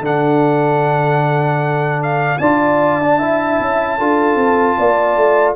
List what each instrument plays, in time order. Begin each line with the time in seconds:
0.00 tuba D3, trombone D4, horn A4, trumpet F#5
2.03 trumpet F5
2.38 tuba D4, trombone F4, horn D5, trumpet A5
3.01 trombone D4
3.18 trombone E4, horn E5
3.60 tuba C#4
3.98 tuba D4, trombone F4, horn A4
4.35 tuba C4
4.78 tuba A#3, horn D5
5.16 tuba A3